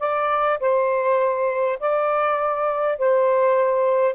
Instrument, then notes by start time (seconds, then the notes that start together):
saxophone
0.00 D5
0.60 C5
1.80 D5
2.98 C5